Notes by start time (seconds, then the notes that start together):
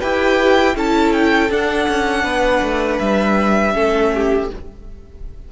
0.00 E4 G4 B4 G5
0.74 C#4 E4 A4 A5
1.12 G5
1.50 D4 F#5
1.88 C#4
2.23 B3 B4
2.62 A3
2.99 G3 E5
3.73 A3 C#4 A4
4.14 G4